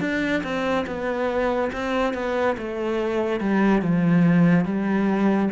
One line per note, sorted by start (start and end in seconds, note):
0.00 0.42 D4
0.43 0.85 C4
0.86 1.71 B3
1.72 2.14 C4
2.14 2.56 B3
2.57 3.40 A3
3.40 3.81 G3
3.81 4.65 F3
4.65 5.49 G3